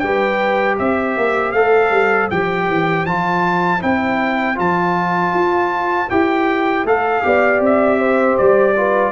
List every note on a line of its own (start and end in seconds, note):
0.00 0.79 G3
0.00 1.55 G4
0.00 0.78 B4
0.00 0.76 G5
0.78 1.17 C4
0.78 7.23 C5
0.78 1.52 E5
1.17 1.53 A#3
1.52 1.91 A3
1.52 2.31 A4
1.52 2.28 F5
1.91 2.29 G3
2.31 2.69 F3
2.31 3.08 G4
2.31 3.06 G5
2.69 3.06 E3
3.06 3.82 F3
3.06 3.80 F4
3.06 3.82 A5
3.80 4.59 C4
3.80 4.56 E4
3.80 4.59 G5
4.56 5.34 F3
4.56 6.08 F4
4.56 6.10 A5
5.34 6.10 F4
6.10 6.85 E4
6.10 6.87 G4
6.10 6.86 G5
6.85 7.23 A3
6.85 7.23 A4
6.85 7.63 F5
7.23 7.61 B3
7.23 8.75 G4
7.23 8.00 D5
7.61 8.37 C4
7.61 8.38 E5
8.00 8.75 C5
8.38 9.12 G3
8.38 9.12 D5
8.77 9.12 F4
8.77 9.12 B4